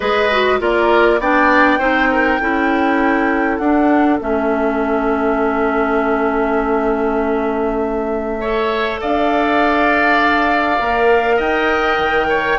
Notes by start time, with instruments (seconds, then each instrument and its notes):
0.00 bassoon G#3, clarinet G#4, oboe B4, flute D#5
0.30 clarinet F#4
0.59 bassoon A#3, clarinet F4, oboe A#4, flute D5
1.19 bassoon B3, clarinet D4, oboe D5, flute G5
1.78 bassoon C4, clarinet D#4, oboe C5
2.11 oboe A#4
2.40 bassoon C#4, clarinet E4, oboe A4
3.57 bassoon D4, clarinet D4, flute F#5
4.20 bassoon A3, clarinet C#4, flute E5
8.40 clarinet A4, oboe C#5
9.01 bassoon D4, oboe D5, flute F5
10.78 bassoon A#3, clarinet A#4
11.36 bassoon D#4, oboe D#5, flute G5
11.98 bassoon D#3
12.29 oboe C#5